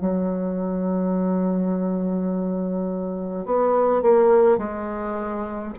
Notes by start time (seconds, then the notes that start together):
0.00 F#3
3.46 B3
4.02 A#3
4.58 G#3